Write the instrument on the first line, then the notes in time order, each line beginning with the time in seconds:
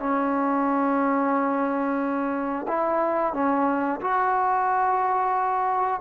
trombone
0.00 C#4
2.68 E4
3.34 C#4
4.01 F#4